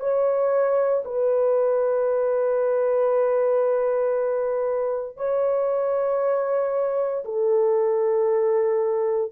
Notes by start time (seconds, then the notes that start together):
0.00 C#5
1.04 B4
5.17 C#5
7.25 A4